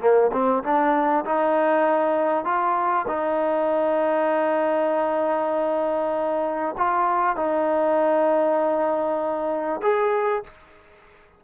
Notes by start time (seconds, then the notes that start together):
0.00 A#3
0.32 C4
0.63 D4
1.25 D#4
2.44 F4
3.08 D#4
6.77 F4
7.36 D#4
9.82 G#4